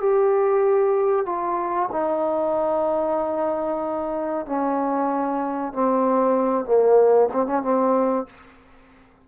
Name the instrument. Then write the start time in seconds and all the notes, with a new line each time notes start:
trombone
0.00 G4
1.26 F4
1.92 D#4
4.46 C#4
5.73 C4
6.65 A#3
7.33 C4
7.47 C#4
7.62 C4